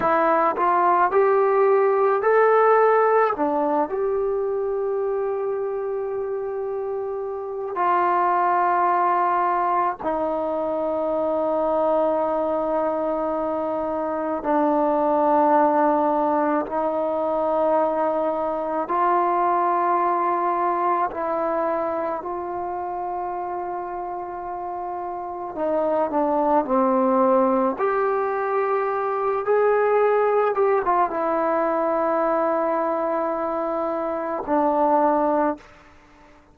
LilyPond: \new Staff \with { instrumentName = "trombone" } { \time 4/4 \tempo 4 = 54 e'8 f'8 g'4 a'4 d'8 g'8~ | g'2. f'4~ | f'4 dis'2.~ | dis'4 d'2 dis'4~ |
dis'4 f'2 e'4 | f'2. dis'8 d'8 | c'4 g'4. gis'4 g'16 f'16 | e'2. d'4 | }